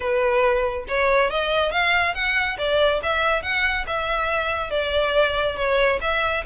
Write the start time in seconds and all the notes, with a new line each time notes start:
0.00 B4
0.88 C#5
1.30 D#5
1.71 F5
2.14 F#5
2.58 D5
3.02 E5
3.42 F#5
3.86 E5
4.70 D5
5.56 C#5
6.01 E5